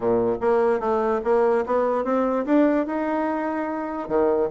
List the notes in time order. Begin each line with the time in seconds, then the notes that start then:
0.00 A#2
0.41 A#3
0.80 A3
1.24 A#3
1.65 B3
2.04 C4
2.45 D4
2.86 D#4
4.08 D#3